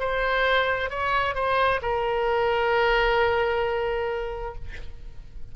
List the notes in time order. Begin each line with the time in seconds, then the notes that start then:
0.00 C5
0.90 C#5
1.35 C5
1.83 A#4